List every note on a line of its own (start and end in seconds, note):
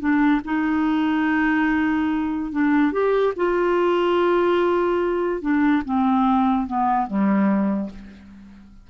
0.00 0.41 D4
0.45 2.52 D#4
2.52 2.92 D4
2.92 3.34 G4
3.36 5.42 F4
5.42 5.83 D4
5.85 6.67 C4
6.67 7.07 B3
7.07 7.90 G3